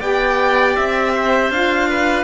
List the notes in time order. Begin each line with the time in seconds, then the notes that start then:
0.00 B3 G4 D5 G5
0.76 C4 E5
1.15 C5
1.50 D4 F4 F5
1.90 B4